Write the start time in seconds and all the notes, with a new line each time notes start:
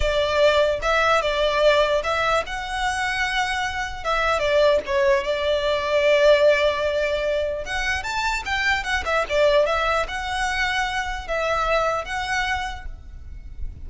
0.00 D5
0.82 E5
1.21 D5
2.03 E5
2.46 F#5
4.04 E5
4.39 D5
4.86 C#5
5.24 D5
7.64 F#5
8.03 A5
8.45 G5
8.83 F#5
9.05 E5
9.29 D5
9.66 E5
10.08 F#5
11.27 E5
12.05 F#5